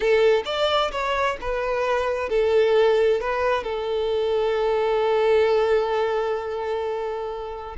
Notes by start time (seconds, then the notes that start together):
0.00 A4
0.45 D5
0.91 C#5
1.41 B4
2.29 A4
3.20 B4
3.63 A4